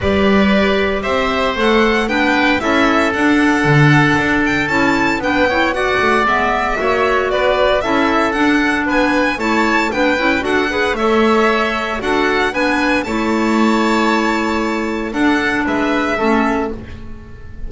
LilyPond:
<<
  \new Staff \with { instrumentName = "violin" } { \time 4/4 \tempo 4 = 115 d''2 e''4 fis''4 | g''4 e''4 fis''2~ | fis''8 g''8 a''4 g''4 fis''4 | e''2 d''4 e''4 |
fis''4 gis''4 a''4 g''4 | fis''4 e''2 fis''4 | gis''4 a''2.~ | a''4 fis''4 e''2 | }
  \new Staff \with { instrumentName = "oboe" } { \time 4/4 b'2 c''2 | b'4 a'2.~ | a'2 b'8 cis''8 d''4~ | d''4 cis''4 b'4 a'4~ |
a'4 b'4 cis''4 b'4 | a'8 b'8 cis''2 a'4 | b'4 cis''2.~ | cis''4 a'4 b'4 a'4 | }
  \new Staff \with { instrumentName = "clarinet" } { \time 4/4 g'2. a'4 | d'4 e'4 d'2~ | d'4 e'4 d'8 e'8 fis'4 | b4 fis'2 e'4 |
d'2 e'4 d'8 e'8 | fis'8 gis'8 a'2 fis'4 | d'4 e'2.~ | e'4 d'2 cis'4 | }
  \new Staff \with { instrumentName = "double bass" } { \time 4/4 g2 c'4 a4 | b4 cis'4 d'4 d4 | d'4 cis'4 b4. a8 | gis4 ais4 b4 cis'4 |
d'4 b4 a4 b8 cis'8 | d'4 a2 d'4 | b4 a2.~ | a4 d'4 gis4 a4 | }
>>